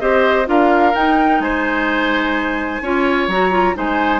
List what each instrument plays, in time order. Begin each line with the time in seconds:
0.00 bassoon C4, clarinet G4, oboe C5, flute D#5
0.46 bassoon D4, clarinet F4, oboe A#4, flute F5
0.95 bassoon D#4, clarinet D#4, flute G5
1.40 bassoon G#3, oboe C5, flute G#5
2.82 bassoon C#4, clarinet F4, oboe C#5
3.28 bassoon F#3, clarinet F#4, flute A#5
3.51 clarinet F4
3.75 bassoon G#3, clarinet D#4, oboe C5, flute G#5